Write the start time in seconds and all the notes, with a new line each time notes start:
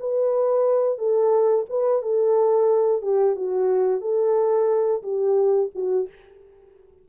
0.00 B4
0.98 A4
1.70 B4
2.02 A4
3.02 G4
3.36 F#4
4.01 A4
5.03 G4
5.75 F#4